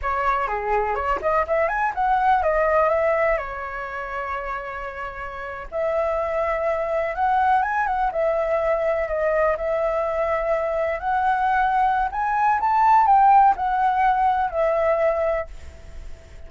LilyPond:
\new Staff \with { instrumentName = "flute" } { \time 4/4 \tempo 4 = 124 cis''4 gis'4 cis''8 dis''8 e''8 gis''8 | fis''4 dis''4 e''4 cis''4~ | cis''2.~ cis''8. e''16~ | e''2~ e''8. fis''4 gis''16~ |
gis''16 fis''8 e''2 dis''4 e''16~ | e''2~ e''8. fis''4~ fis''16~ | fis''4 gis''4 a''4 g''4 | fis''2 e''2 | }